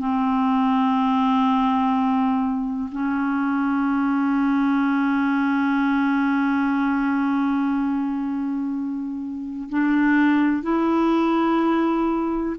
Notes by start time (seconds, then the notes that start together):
0.00 C4
2.92 C#4
9.70 D4
10.63 E4